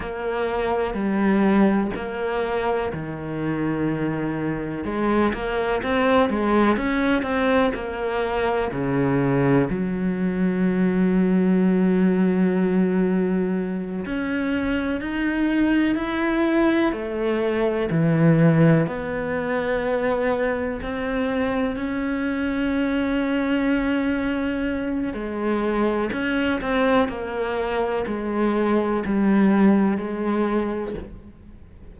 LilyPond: \new Staff \with { instrumentName = "cello" } { \time 4/4 \tempo 4 = 62 ais4 g4 ais4 dis4~ | dis4 gis8 ais8 c'8 gis8 cis'8 c'8 | ais4 cis4 fis2~ | fis2~ fis8 cis'4 dis'8~ |
dis'8 e'4 a4 e4 b8~ | b4. c'4 cis'4.~ | cis'2 gis4 cis'8 c'8 | ais4 gis4 g4 gis4 | }